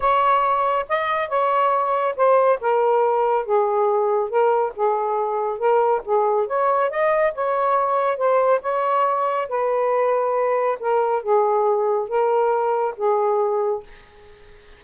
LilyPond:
\new Staff \with { instrumentName = "saxophone" } { \time 4/4 \tempo 4 = 139 cis''2 dis''4 cis''4~ | cis''4 c''4 ais'2 | gis'2 ais'4 gis'4~ | gis'4 ais'4 gis'4 cis''4 |
dis''4 cis''2 c''4 | cis''2 b'2~ | b'4 ais'4 gis'2 | ais'2 gis'2 | }